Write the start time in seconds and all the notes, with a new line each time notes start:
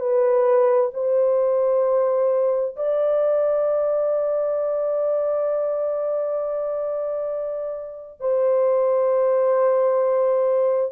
0.00 B4
0.94 C5
2.76 D5
8.20 C5